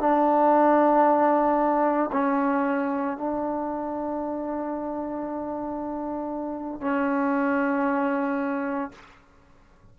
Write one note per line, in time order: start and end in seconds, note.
0.00 2.11 D4
2.12 3.18 C#4
3.18 6.81 D4
6.81 8.91 C#4